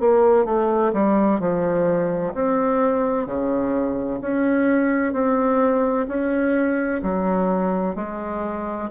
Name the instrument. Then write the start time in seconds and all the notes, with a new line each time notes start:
bassoon
0.00 A#3
0.46 A3
0.93 G3
1.40 F3
2.35 C4
3.26 C#3
4.21 C#4
5.13 C4
6.08 C#4
7.03 F#3
7.96 G#3